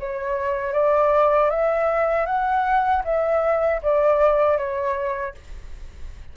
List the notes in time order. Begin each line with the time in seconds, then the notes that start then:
0.00 C#5
0.73 D5
1.51 E5
2.26 F#5
3.05 E5
3.83 D5
4.58 C#5